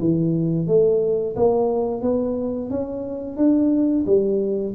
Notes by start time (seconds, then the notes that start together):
0.00 E3
0.68 A3
1.36 A#3
2.02 B3
2.70 C#4
3.37 D4
4.07 G3